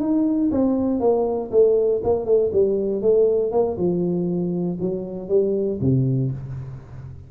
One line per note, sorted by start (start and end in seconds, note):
0.00 0.50 D#4
0.51 1.00 C4
1.00 1.50 A#3
1.51 2.01 A3
2.04 2.25 A#3
2.25 2.50 A3
2.52 3.02 G3
3.02 3.51 A3
3.51 3.77 A#3
3.77 4.78 F3
4.80 5.28 F#3
5.28 5.79 G3
5.81 6.31 C3